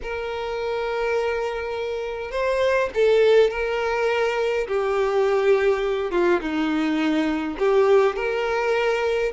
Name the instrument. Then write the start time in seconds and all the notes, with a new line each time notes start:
violin
0.02 A#4
2.31 C5
2.94 A4
3.50 A#4
4.67 G4
6.11 F4
6.40 D#4
7.58 G4
8.16 A#4